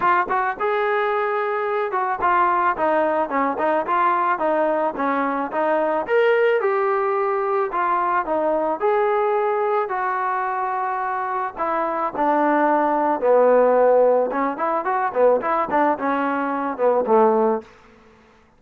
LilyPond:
\new Staff \with { instrumentName = "trombone" } { \time 4/4 \tempo 4 = 109 f'8 fis'8 gis'2~ gis'8 fis'8 | f'4 dis'4 cis'8 dis'8 f'4 | dis'4 cis'4 dis'4 ais'4 | g'2 f'4 dis'4 |
gis'2 fis'2~ | fis'4 e'4 d'2 | b2 cis'8 e'8 fis'8 b8 | e'8 d'8 cis'4. b8 a4 | }